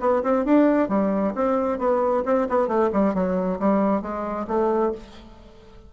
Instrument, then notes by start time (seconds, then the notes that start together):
bassoon
0.00 B3
0.23 C4
0.45 D4
0.89 G3
1.35 C4
1.78 B3
2.25 C4
2.49 B3
2.67 A3
2.93 G3
3.14 F#3
3.59 G3
4.02 G#3
4.47 A3